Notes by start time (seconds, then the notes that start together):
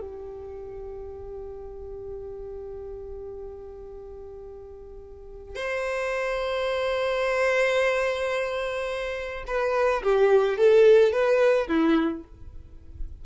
0.00 G4
5.55 C5
9.47 B4
10.03 G4
10.57 A4
11.12 B4
11.67 E4